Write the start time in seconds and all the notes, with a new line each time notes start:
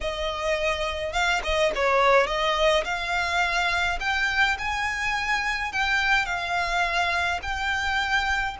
0.01 D#5
1.12 F5
1.43 D#5
1.75 C#5
2.26 D#5
2.84 F5
4.00 G5
4.58 G#5
5.72 G5
6.25 F5
7.42 G5